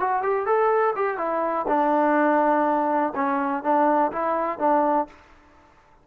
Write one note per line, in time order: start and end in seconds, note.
0.00 0.22 F#4
0.22 0.46 G4
0.46 0.94 A4
0.95 1.18 G4
1.18 1.66 E4
1.68 3.13 D4
3.15 3.63 C#4
3.63 4.11 D4
4.12 4.59 E4
4.59 5.07 D4